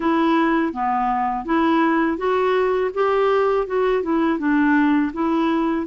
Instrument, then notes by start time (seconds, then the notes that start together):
clarinet
0.00 E4
0.73 B3
1.45 E4
2.17 F#4
2.94 G4
3.67 F#4
4.02 E4
4.39 D4
5.13 E4